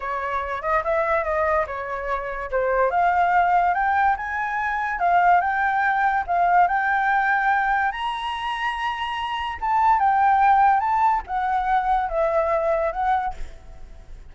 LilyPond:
\new Staff \with { instrumentName = "flute" } { \time 4/4 \tempo 4 = 144 cis''4. dis''8 e''4 dis''4 | cis''2 c''4 f''4~ | f''4 g''4 gis''2 | f''4 g''2 f''4 |
g''2. ais''4~ | ais''2. a''4 | g''2 a''4 fis''4~ | fis''4 e''2 fis''4 | }